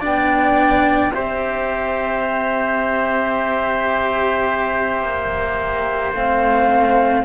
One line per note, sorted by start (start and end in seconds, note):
0.00 1.14 B3
0.00 1.12 D4
0.00 1.11 D5
0.00 1.12 G5
1.12 5.03 C4
1.12 6.13 G4
1.12 7.24 C5
1.12 6.12 E5
5.03 6.12 A#3
6.12 7.23 A3
6.12 7.24 C4
6.12 7.24 F5